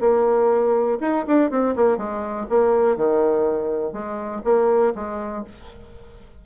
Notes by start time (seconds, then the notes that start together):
0.00 A#3
1.01 D#4
1.27 D4
1.50 C4
1.76 A#3
1.97 G#3
2.49 A#3
2.97 D#3
3.93 G#3
4.44 A#3
4.95 G#3